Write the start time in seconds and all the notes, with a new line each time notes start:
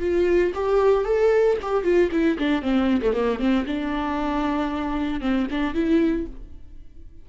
0.00 F4
0.55 G4
1.05 A4
1.62 G4
1.84 F4
2.12 E4
2.38 D4
2.62 C4
3.01 A3
3.14 A#3
3.39 C4
3.66 D4
5.21 C4
5.51 D4
5.74 E4